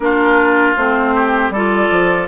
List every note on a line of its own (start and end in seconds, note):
0.00 0.76 A#3
0.00 0.76 D4
0.00 1.14 F4
0.00 0.75 A#4
0.75 1.50 A3
0.75 1.53 C4
0.75 1.51 C5
1.14 1.52 G4
1.50 1.88 G3
1.50 2.28 F4
1.50 2.28 A4
1.50 2.28 D5
1.91 2.28 F3